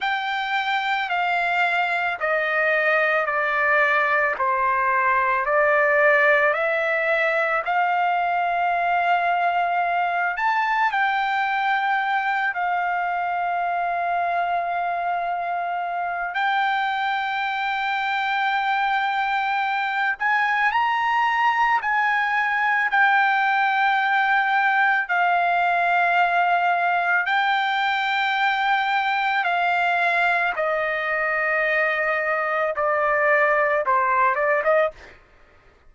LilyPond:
\new Staff \with { instrumentName = "trumpet" } { \time 4/4 \tempo 4 = 55 g''4 f''4 dis''4 d''4 | c''4 d''4 e''4 f''4~ | f''4. a''8 g''4. f''8~ | f''2. g''4~ |
g''2~ g''8 gis''8 ais''4 | gis''4 g''2 f''4~ | f''4 g''2 f''4 | dis''2 d''4 c''8 d''16 dis''16 | }